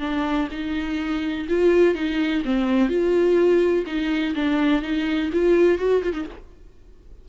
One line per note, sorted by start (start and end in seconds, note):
0.00 0.48 D4
0.51 1.47 D#4
1.49 1.95 F4
1.95 2.43 D#4
2.45 2.89 C4
2.89 3.85 F4
3.87 4.35 D#4
4.35 4.82 D4
4.82 5.30 D#4
5.33 5.78 F4
5.78 6.02 F#4
6.03 6.13 F4
6.13 6.25 D#4